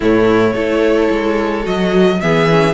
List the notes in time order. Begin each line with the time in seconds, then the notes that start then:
0.00 A2 A3 E4 C#5
0.53 A3 E4 A4
1.10 G#3
1.62 F#3 F#4 D#5
2.21 E3 B3 G#4 E5
2.50 C#4